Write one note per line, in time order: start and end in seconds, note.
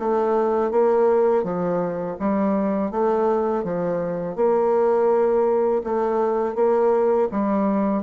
0.00 0.72 A3
0.72 1.44 A#3
1.44 2.17 F3
2.20 2.92 G3
2.92 3.64 A3
3.64 4.36 F3
4.36 5.83 A#3
5.84 6.56 A3
6.56 7.29 A#3
7.32 8.04 G3